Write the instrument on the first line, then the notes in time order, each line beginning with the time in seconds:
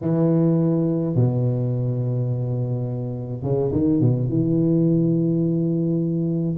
tuba
0.01 E3
1.15 B2
3.42 C#3
3.71 D#3
4.00 B2
4.28 E3